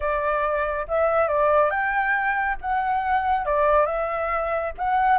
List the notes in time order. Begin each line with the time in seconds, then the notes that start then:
0.00 D5
0.88 E5
1.28 D5
1.70 G5
2.61 F#5
3.45 D5
3.85 E5
4.77 F#5